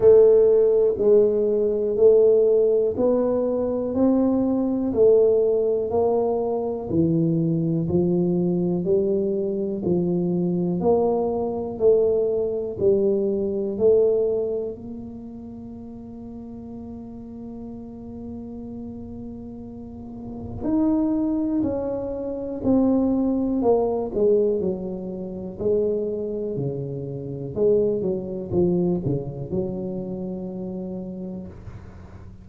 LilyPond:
\new Staff \with { instrumentName = "tuba" } { \time 4/4 \tempo 4 = 61 a4 gis4 a4 b4 | c'4 a4 ais4 e4 | f4 g4 f4 ais4 | a4 g4 a4 ais4~ |
ais1~ | ais4 dis'4 cis'4 c'4 | ais8 gis8 fis4 gis4 cis4 | gis8 fis8 f8 cis8 fis2 | }